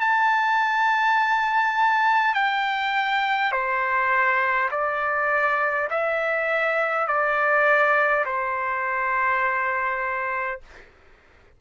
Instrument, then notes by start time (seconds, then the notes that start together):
trumpet
0.00 A5
2.34 G5
3.51 C5
4.71 D5
5.90 E5
7.07 D5
8.25 C5